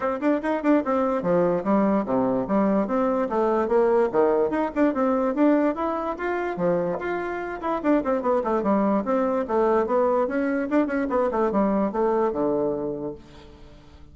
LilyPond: \new Staff \with { instrumentName = "bassoon" } { \time 4/4 \tempo 4 = 146 c'8 d'8 dis'8 d'8 c'4 f4 | g4 c4 g4 c'4 | a4 ais4 dis4 dis'8 d'8 | c'4 d'4 e'4 f'4 |
f4 f'4. e'8 d'8 c'8 | b8 a8 g4 c'4 a4 | b4 cis'4 d'8 cis'8 b8 a8 | g4 a4 d2 | }